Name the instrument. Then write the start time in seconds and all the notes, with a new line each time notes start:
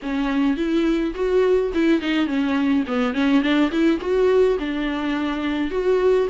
viola
0.02 C#4
0.56 E4
1.14 F#4
1.74 E4
2.01 D#4
2.26 C#4
2.87 B3
3.14 C#4
3.42 D4
3.71 E4
4.00 F#4
4.59 D4
5.70 F#4